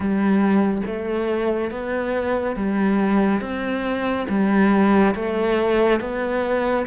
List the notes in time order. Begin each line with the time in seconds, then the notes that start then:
0.00 G3
0.86 A3
1.70 B3
2.56 G3
3.41 C4
4.29 G3
5.15 A3
6.00 B3